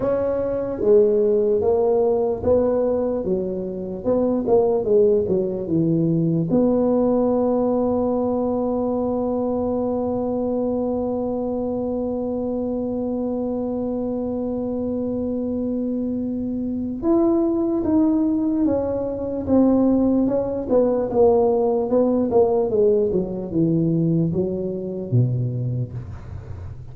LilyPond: \new Staff \with { instrumentName = "tuba" } { \time 4/4 \tempo 4 = 74 cis'4 gis4 ais4 b4 | fis4 b8 ais8 gis8 fis8 e4 | b1~ | b1~ |
b1~ | b4 e'4 dis'4 cis'4 | c'4 cis'8 b8 ais4 b8 ais8 | gis8 fis8 e4 fis4 b,4 | }